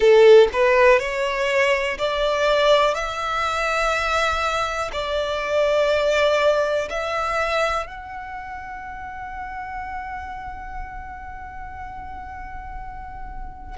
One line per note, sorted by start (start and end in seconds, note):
0.00 0.48 A4
0.52 0.99 B4
0.99 1.97 C#5
1.98 2.94 D5
2.94 4.90 E5
4.92 6.89 D5
6.89 7.86 E5
7.86 13.77 F#5